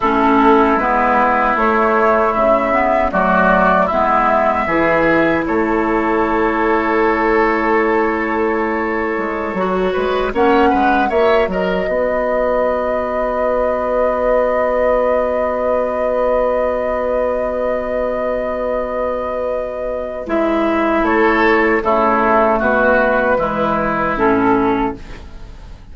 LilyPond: <<
  \new Staff \with { instrumentName = "flute" } { \time 4/4 \tempo 4 = 77 a'4 b'4 cis''4 e''4 | d''4 e''2 cis''4~ | cis''1~ | cis''4~ cis''16 fis''4 e''8 dis''4~ dis''16~ |
dis''1~ | dis''1~ | dis''2 e''4 cis''4 | a'4 b'2 a'4 | }
  \new Staff \with { instrumentName = "oboe" } { \time 4/4 e'1 | fis'4 e'4 gis'4 a'4~ | a'1~ | a'8. b'8 cis''8 b'8 cis''8 ais'8 b'8.~ |
b'1~ | b'1~ | b'2. a'4 | e'4 fis'4 e'2 | }
  \new Staff \with { instrumentName = "clarinet" } { \time 4/4 cis'4 b4 a4. b8 | a4 b4 e'2~ | e'1~ | e'16 fis'4 cis'4 fis'4.~ fis'16~ |
fis'1~ | fis'1~ | fis'2 e'2 | a2 gis4 cis'4 | }
  \new Staff \with { instrumentName = "bassoon" } { \time 4/4 a4 gis4 a4 cis4 | fis4 gis4 e4 a4~ | a2.~ a8. gis16~ | gis16 fis8 gis8 ais8 gis8 ais8 fis8 b8.~ |
b1~ | b1~ | b2 gis4 a4 | cis4 b,4 e4 a,4 | }
>>